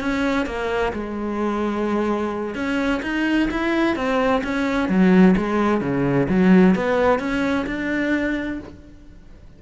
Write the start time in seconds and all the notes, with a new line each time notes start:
0.00 C#4
0.46 A#3
0.93 G#3
2.55 C#4
3.03 D#4
3.51 E4
3.96 C4
4.44 C#4
4.89 F#3
5.37 G#3
5.81 C#3
6.29 F#3
6.75 B3
7.19 C#4
7.67 D4